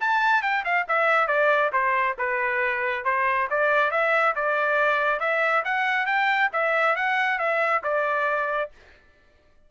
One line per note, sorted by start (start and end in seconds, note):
0.00 0.42 A5
0.42 0.63 G5
0.64 0.86 F5
0.88 1.27 E5
1.27 1.71 D5
1.72 2.16 C5
2.18 3.04 B4
3.04 3.48 C5
3.50 3.91 D5
3.91 4.34 E5
4.35 5.20 D5
5.20 5.63 E5
5.64 6.06 F#5
6.06 6.49 G5
6.52 6.95 E5
6.95 7.38 F#5
7.38 7.82 E5
7.83 8.70 D5